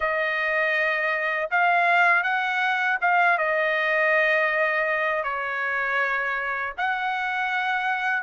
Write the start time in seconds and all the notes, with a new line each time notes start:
0.00 D#5
1.50 F5
2.23 F#5
3.01 F5
3.38 D#5
5.23 C#5
6.77 F#5